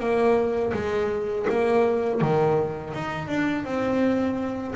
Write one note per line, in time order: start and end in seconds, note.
0.00 0.73 A#3
0.74 1.47 G#3
1.50 2.21 A#3
2.21 2.94 D#3
2.94 3.28 D#4
3.28 3.65 D4
3.65 4.75 C4